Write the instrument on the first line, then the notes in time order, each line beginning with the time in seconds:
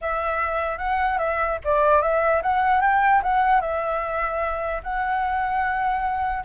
flute
0.01 E5
0.78 F#5
1.18 E5
1.64 D5
2.01 E5
2.42 F#5
2.81 G5
3.23 F#5
3.60 E5
4.83 F#5